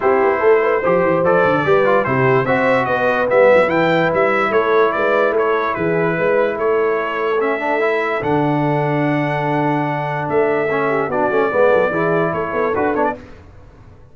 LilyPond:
<<
  \new Staff \with { instrumentName = "trumpet" } { \time 4/4 \tempo 4 = 146 c''2. d''4~ | d''4 c''4 e''4 dis''4 | e''4 g''4 e''4 cis''4 | d''4 cis''4 b'2 |
cis''2 e''2 | fis''1~ | fis''4 e''2 d''4~ | d''2 cis''4 b'8 cis''16 d''16 | }
  \new Staff \with { instrumentName = "horn" } { \time 4/4 g'4 a'8 b'8 c''2 | b'4 g'4 c''4 b'4~ | b'2. a'4 | b'4 a'4 gis'4 b'4 |
a'1~ | a'1~ | a'2~ a'8 g'8 fis'4 | b'8 a'8 gis'4 a'2 | }
  \new Staff \with { instrumentName = "trombone" } { \time 4/4 e'2 g'4 a'4 | g'8 f'8 e'4 fis'2 | b4 e'2.~ | e'1~ |
e'2 cis'8 d'8 e'4 | d'1~ | d'2 cis'4 d'8 cis'8 | b4 e'2 fis'8 d'8 | }
  \new Staff \with { instrumentName = "tuba" } { \time 4/4 c'8 b8 a4 f8 e8 f8 d8 | g4 c4 c'4 b4 | g8 fis8 e4 g4 a4 | gis4 a4 e4 gis4 |
a1 | d1~ | d4 a2 b8 a8 | gis8 fis8 e4 a8 b8 d'8 b8 | }
>>